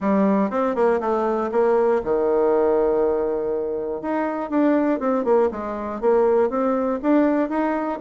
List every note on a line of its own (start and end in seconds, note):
0.00 0.50 G3
0.50 0.75 C4
0.75 1.00 A#3
1.00 1.50 A3
1.51 2.01 A#3
2.04 4.01 D#3
4.01 4.50 D#4
4.50 4.99 D4
4.99 5.24 C4
5.24 5.49 A#3
5.51 6.00 G#3
6.00 6.49 A#3
6.49 6.99 C4
7.02 7.49 D4
7.49 7.99 D#4